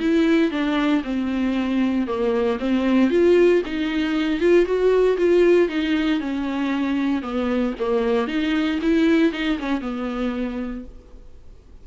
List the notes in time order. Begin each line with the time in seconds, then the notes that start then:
0.00 E4
0.51 D4
1.04 C4
2.07 A#3
2.60 C4
3.11 F4
3.65 D#4
4.40 F4
4.66 F#4
5.17 F4
5.69 D#4
6.20 C#4
7.22 B3
7.79 A#3
8.28 D#4
8.82 E4
9.32 D#4
9.59 C#4
9.81 B3